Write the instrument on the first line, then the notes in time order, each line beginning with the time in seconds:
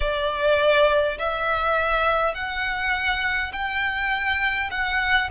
violin
0.00 D5
1.18 E5
2.34 F#5
3.52 G5
4.71 F#5